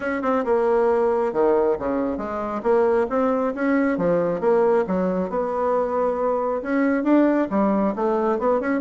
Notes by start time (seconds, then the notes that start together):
0.00 C#4
0.22 C4
0.45 A#3
1.32 D#3
1.78 C#3
2.17 G#3
2.62 A#3
3.09 C4
3.54 C#4
3.97 F3
4.40 A#3
4.87 F#3
5.29 B3
6.62 C#4
7.03 D4
7.50 G3
7.95 A3
8.38 B3
8.60 C#4